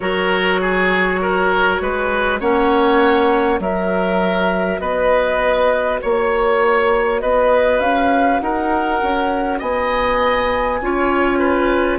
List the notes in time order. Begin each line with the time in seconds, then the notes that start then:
0.00 F#3 F#4 A#4 C#5
0.60 G#4
1.21 A#4
1.80 G#3 B4
2.40 A#3 C#4 C#5 F#5
3.59 F#3 F#4 A#4 E5
4.79 B3 B4 D#5
6.01 A#3 C#5
7.20 B3 B4 D#5
7.79 C#4 F5
8.39 D#4 A#4 F#5
9.02 C#4
9.59 B3 D#5 G#5
10.80 C#4 F4 C#5
11.38 B4